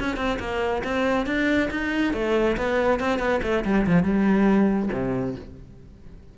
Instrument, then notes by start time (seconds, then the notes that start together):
cello
0.00 C#4
0.17 C4
0.40 A#3
0.84 C4
1.27 D4
1.71 D#4
2.14 A3
2.57 B3
3.00 C4
3.19 B3
3.43 A3
3.65 G3
3.87 F3
4.03 G3
4.92 C3